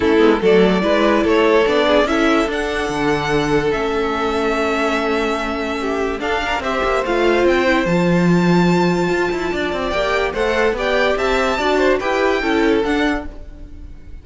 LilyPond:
<<
  \new Staff \with { instrumentName = "violin" } { \time 4/4 \tempo 4 = 145 a'4 d''2 cis''4 | d''4 e''4 fis''2~ | fis''4 e''2.~ | e''2. f''4 |
e''4 f''4 g''4 a''4~ | a''1 | g''4 fis''4 g''4 a''4~ | a''4 g''2 fis''4 | }
  \new Staff \with { instrumentName = "violin" } { \time 4/4 e'4 a'4 b'4 a'4~ | a'8 gis'8 a'2.~ | a'1~ | a'2 g'4 a'8 ais'8 |
c''1~ | c''2. d''4~ | d''4 c''4 d''4 e''4 | d''8 c''8 b'4 a'2 | }
  \new Staff \with { instrumentName = "viola" } { \time 4/4 cis'8 b8 a4 e'2 | d'4 e'4 d'2~ | d'4 cis'2.~ | cis'2. d'4 |
g'4 f'4. e'8 f'4~ | f'1 | g'4 a'4 g'2 | fis'4 g'4 e'4 d'4 | }
  \new Staff \with { instrumentName = "cello" } { \time 4/4 a8 gis8 fis4 gis4 a4 | b4 cis'4 d'4 d4~ | d4 a2.~ | a2. d'4 |
c'8 ais8 a4 c'4 f4~ | f2 f'8 e'8 d'8 c'8 | ais4 a4 b4 c'4 | d'4 e'4 cis'4 d'4 | }
>>